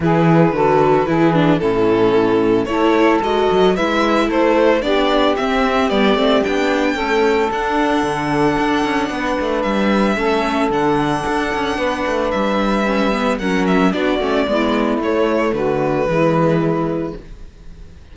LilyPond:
<<
  \new Staff \with { instrumentName = "violin" } { \time 4/4 \tempo 4 = 112 b'2. a'4~ | a'4 cis''4 dis''4 e''4 | c''4 d''4 e''4 d''4 | g''2 fis''2~ |
fis''2 e''2 | fis''2. e''4~ | e''4 fis''8 e''8 d''2 | cis''4 b'2. | }
  \new Staff \with { instrumentName = "saxophone" } { \time 4/4 gis'4 a'4 gis'4 e'4~ | e'4 a'2 b'4 | a'4 g'2.~ | g'4 a'2.~ |
a'4 b'2 a'4~ | a'2 b'2~ | b'4 ais'4 fis'4 e'4~ | e'4 fis'4 e'2 | }
  \new Staff \with { instrumentName = "viola" } { \time 4/4 e'4 fis'4 e'8 d'8 cis'4~ | cis'4 e'4 fis'4 e'4~ | e'4 d'4 c'4 b8 c'8 | d'4 a4 d'2~ |
d'2. cis'4 | d'1 | cis'8 b8 cis'4 d'8 cis'8 b4 | a2 gis2 | }
  \new Staff \with { instrumentName = "cello" } { \time 4/4 e4 d4 e4 a,4~ | a,4 a4 gis8 fis8 gis4 | a4 b4 c'4 g8 a8 | b4 cis'4 d'4 d4 |
d'8 cis'8 b8 a8 g4 a4 | d4 d'8 cis'8 b8 a8 g4~ | g4 fis4 b8 a8 gis4 | a4 d4 e2 | }
>>